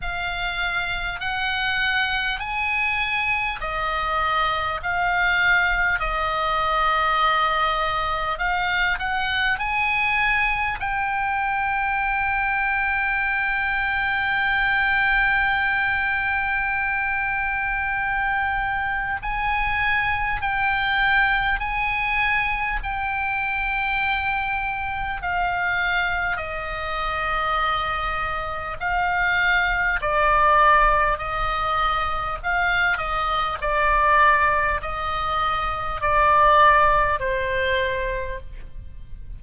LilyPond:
\new Staff \with { instrumentName = "oboe" } { \time 4/4 \tempo 4 = 50 f''4 fis''4 gis''4 dis''4 | f''4 dis''2 f''8 fis''8 | gis''4 g''2.~ | g''1 |
gis''4 g''4 gis''4 g''4~ | g''4 f''4 dis''2 | f''4 d''4 dis''4 f''8 dis''8 | d''4 dis''4 d''4 c''4 | }